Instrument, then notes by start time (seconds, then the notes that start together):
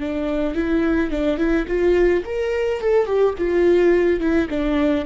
viola
0.00 D4
0.55 E4
1.11 D4
1.38 E4
1.68 F4
2.26 A#4
2.81 A4
3.06 G4
3.38 F4
4.21 E4
4.50 D4